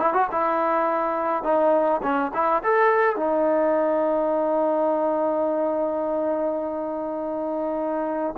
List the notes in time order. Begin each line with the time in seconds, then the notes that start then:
0.00 E4
0.13 F#4
0.31 E4
1.43 D#4
2.02 C#4
2.34 E4
2.63 A4
3.16 D#4